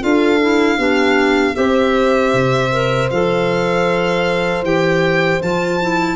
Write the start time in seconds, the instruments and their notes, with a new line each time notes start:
0.00 tuba D4, clarinet F4, horn A4, violin F5
0.41 clarinet E4
0.77 tuba B3, clarinet D4, horn G4
1.54 tuba C4, clarinet G4, horn C5, violin E5
2.33 tuba C3
2.71 clarinet A#4
3.10 tuba F3, clarinet A4, violin F5
4.62 tuba E3, clarinet G4, violin G5
5.41 tuba F3, clarinet F4, violin A5
5.81 clarinet E4